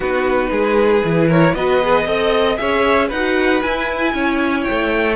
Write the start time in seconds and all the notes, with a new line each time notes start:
0.00 B3 D#4 F#4 B4
0.51 G#3 G#4
1.04 E3 E4
1.28 A#4 C#5
1.54 B3 F#4 B4 D#5
1.81 G#4
2.05 C4 A4 D#5
2.56 C#4 G#4 C#5 E5
3.07 D#4 B4 F#5
3.14 F#4
3.62 E4 G#5
4.14 C#4 C#5
4.63 G5
4.70 A3